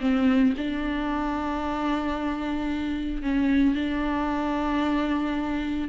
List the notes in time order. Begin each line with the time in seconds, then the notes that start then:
0.00 C4
0.57 D4
3.22 C#4
3.75 D4